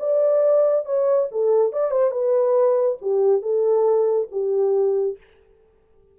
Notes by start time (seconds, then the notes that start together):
0.00 D5
0.86 C#5
1.32 A4
1.73 D5
1.91 C5
2.12 B4
3.02 G4
3.42 A4
4.32 G4